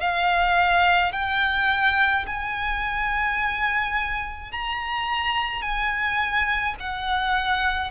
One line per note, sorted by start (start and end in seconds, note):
0.00 1.12 F5
1.12 2.25 G5
2.26 4.51 G#5
4.51 5.61 A#5
5.61 6.75 G#5
6.80 7.90 F#5